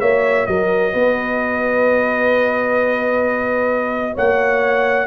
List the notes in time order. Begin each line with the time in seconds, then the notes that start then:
0.00 A#3 F#4 C#5 E5
0.46 F#3 A#4 D#5
0.93 B3 B4
4.14 A#3 C#5 F#5